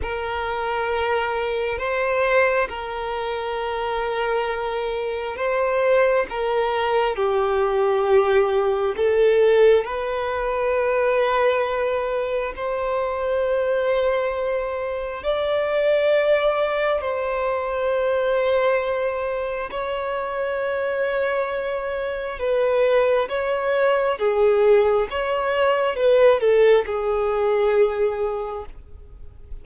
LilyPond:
\new Staff \with { instrumentName = "violin" } { \time 4/4 \tempo 4 = 67 ais'2 c''4 ais'4~ | ais'2 c''4 ais'4 | g'2 a'4 b'4~ | b'2 c''2~ |
c''4 d''2 c''4~ | c''2 cis''2~ | cis''4 b'4 cis''4 gis'4 | cis''4 b'8 a'8 gis'2 | }